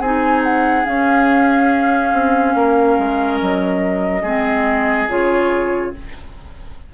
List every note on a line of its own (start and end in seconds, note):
0.00 0.85 C4
0.00 0.85 D#4
0.00 2.54 G#4
0.00 0.43 G#5
0.44 0.86 F#5
0.85 4.23 C#4
0.85 2.13 C#4
0.85 3.39 F5
2.13 2.55 C4
2.55 2.97 A#3
2.55 4.23 A#4
2.99 3.41 G#3
3.41 4.23 F#3
3.41 5.10 D#5
4.23 5.08 G#3
4.23 5.09 C4
4.23 5.92 G#4
5.09 5.94 C#3
5.09 5.94 F4
5.09 5.94 C#5